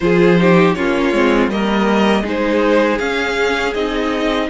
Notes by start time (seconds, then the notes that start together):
0.00 F3 F4 G#4 C5
0.38 D#4 G4
0.74 A#3 C#4 F4 C#5
1.12 G#3 C4
1.47 G3 A#3 A#4 D#5
2.22 G#3 D#4 G#4
2.29 C5
2.98 C#4 F5
3.74 C4 D#4 D#5